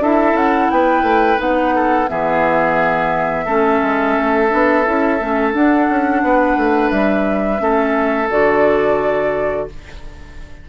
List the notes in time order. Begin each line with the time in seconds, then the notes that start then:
0.00 D4 E4 A4 E5
0.34 C#4 F#5
0.71 B3 B4 G5
1.03 A3
1.37 B3 D#4 F#5
1.75 A4
2.09 E3 B3 G#4 E5
3.46 A3 C#4 A4
3.82 G#3
4.18 A3
4.49 B3 D4
4.86 C#4 E4
5.19 A3 C#4
5.53 D4 F#5
5.89 C#4
6.23 B3 B4
6.57 A3
6.91 G3 E5
7.58 A3 C#4 A4
8.31 D3 F#4 D5